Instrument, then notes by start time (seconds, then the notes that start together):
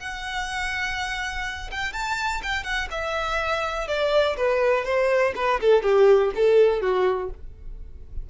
violin
0.00 F#5
1.71 G5
1.93 A5
2.43 G5
2.64 F#5
2.91 E5
3.88 D5
4.37 B4
4.85 C5
5.36 B4
5.61 A4
5.83 G4
6.36 A4
6.81 F#4